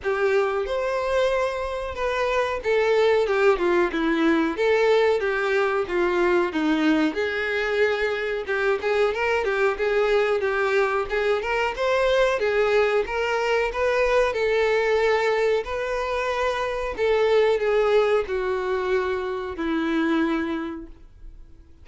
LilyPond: \new Staff \with { instrumentName = "violin" } { \time 4/4 \tempo 4 = 92 g'4 c''2 b'4 | a'4 g'8 f'8 e'4 a'4 | g'4 f'4 dis'4 gis'4~ | gis'4 g'8 gis'8 ais'8 g'8 gis'4 |
g'4 gis'8 ais'8 c''4 gis'4 | ais'4 b'4 a'2 | b'2 a'4 gis'4 | fis'2 e'2 | }